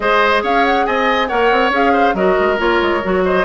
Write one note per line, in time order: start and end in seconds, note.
0.00 0.43 G#3
0.00 1.28 G#4
0.00 0.43 C5
0.00 0.43 D#5
0.43 0.86 C#4
0.43 0.86 C#5
0.43 0.65 F5
0.65 0.86 F#5
0.86 1.30 C4
0.86 1.28 D#5
0.86 1.28 G#5
1.28 1.51 A#3
1.28 1.72 A#4
1.28 1.92 C#5
1.28 1.71 F#5
1.51 1.70 C4
1.70 2.13 C#4
1.70 2.15 G#4
1.70 2.15 F5
1.93 2.14 C5
2.14 2.35 F#3
2.14 2.57 F#4
2.14 3.23 A#4
2.14 2.58 D#5
2.40 2.58 G#3
2.57 2.80 A#3
2.57 3.01 F4
2.57 3.24 C#5
2.81 3.03 G#3
3.03 3.44 F#3
3.03 3.44 F#4
3.24 3.44 C5
3.24 3.44 D#5